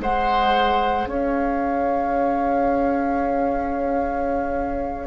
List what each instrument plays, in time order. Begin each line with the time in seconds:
0.00 bassoon G#3, clarinet G#4, oboe C5, flute F#5
1.06 bassoon C#4, oboe C#5, flute F5